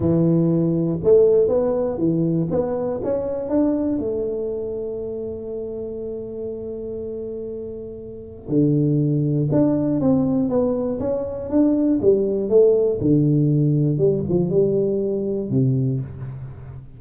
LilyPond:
\new Staff \with { instrumentName = "tuba" } { \time 4/4 \tempo 4 = 120 e2 a4 b4 | e4 b4 cis'4 d'4 | a1~ | a1~ |
a4 d2 d'4 | c'4 b4 cis'4 d'4 | g4 a4 d2 | g8 f8 g2 c4 | }